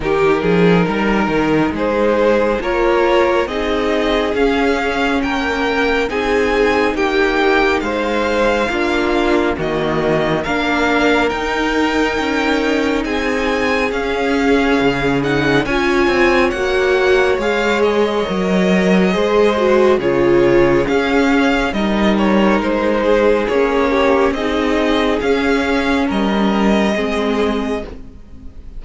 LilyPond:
<<
  \new Staff \with { instrumentName = "violin" } { \time 4/4 \tempo 4 = 69 ais'2 c''4 cis''4 | dis''4 f''4 g''4 gis''4 | g''4 f''2 dis''4 | f''4 g''2 gis''4 |
f''4. fis''8 gis''4 fis''4 | f''8 dis''2~ dis''8 cis''4 | f''4 dis''8 cis''8 c''4 cis''4 | dis''4 f''4 dis''2 | }
  \new Staff \with { instrumentName = "violin" } { \time 4/4 g'8 gis'8 ais'4 gis'4 ais'4 | gis'2 ais'4 gis'4 | g'4 c''4 f'4 fis'4 | ais'2. gis'4~ |
gis'2 cis''2~ | cis''2 c''4 gis'4~ | gis'4 ais'4. gis'4 g'8 | gis'2 ais'4 gis'4 | }
  \new Staff \with { instrumentName = "viola" } { \time 4/4 dis'2. f'4 | dis'4 cis'2 dis'4~ | dis'2 d'4 ais4 | d'4 dis'2. |
cis'4. dis'8 f'4 fis'4 | gis'4 ais'4 gis'8 fis'8 f'4 | cis'4 dis'2 cis'4 | dis'4 cis'2 c'4 | }
  \new Staff \with { instrumentName = "cello" } { \time 4/4 dis8 f8 g8 dis8 gis4 ais4 | c'4 cis'4 ais4 c'4 | ais4 gis4 ais4 dis4 | ais4 dis'4 cis'4 c'4 |
cis'4 cis4 cis'8 c'8 ais4 | gis4 fis4 gis4 cis4 | cis'4 g4 gis4 ais4 | c'4 cis'4 g4 gis4 | }
>>